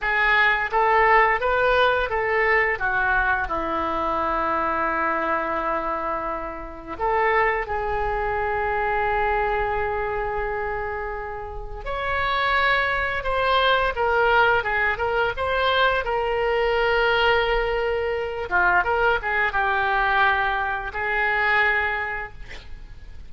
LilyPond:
\new Staff \with { instrumentName = "oboe" } { \time 4/4 \tempo 4 = 86 gis'4 a'4 b'4 a'4 | fis'4 e'2.~ | e'2 a'4 gis'4~ | gis'1~ |
gis'4 cis''2 c''4 | ais'4 gis'8 ais'8 c''4 ais'4~ | ais'2~ ais'8 f'8 ais'8 gis'8 | g'2 gis'2 | }